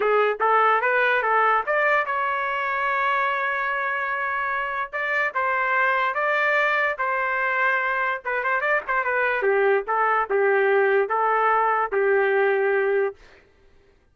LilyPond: \new Staff \with { instrumentName = "trumpet" } { \time 4/4 \tempo 4 = 146 gis'4 a'4 b'4 a'4 | d''4 cis''2.~ | cis''1 | d''4 c''2 d''4~ |
d''4 c''2. | b'8 c''8 d''8 c''8 b'4 g'4 | a'4 g'2 a'4~ | a'4 g'2. | }